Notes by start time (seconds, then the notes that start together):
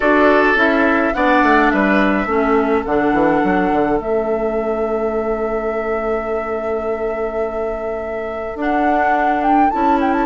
0.00 D4 F#4 A4 D5
0.55 C#4 E4 E5
1.14 B3 D4 D5 F#5
1.42 A3
1.70 G3 B4 E5
2.25 A3 C#4 A4
2.85 D3 D4 F#5
3.12 E3
3.43 F#3
3.71 D3
3.98 A3 C#4 E5
8.55 D4 F#5
9.43 G5
9.70 C#4 E4 A5
10.00 G5
10.13 A5